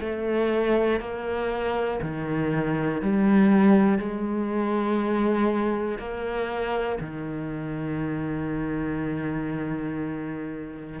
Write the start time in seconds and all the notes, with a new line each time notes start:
0.00 A3
1.00 A#3
2.01 D#3
3.01 G3
3.98 G#3
5.98 A#3
7.00 D#3